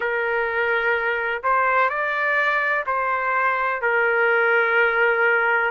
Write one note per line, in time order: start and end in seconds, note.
0.00 1.42 A#4
1.43 1.89 C5
1.89 2.84 D5
2.86 3.81 C5
3.81 5.71 A#4